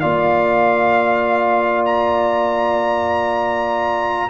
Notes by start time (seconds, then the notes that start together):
0.00 A#3 F4 D5 F5
1.85 A#5